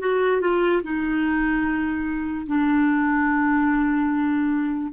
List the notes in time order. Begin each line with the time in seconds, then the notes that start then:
0.00 F#4
0.41 F4
0.83 D#4
2.47 D4